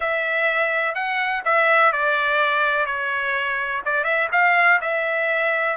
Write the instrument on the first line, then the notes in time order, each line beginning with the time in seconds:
trumpet
0.00 E5
0.94 F#5
1.44 E5
1.92 D5
2.86 C#5
3.85 D5
4.03 E5
4.32 F5
4.81 E5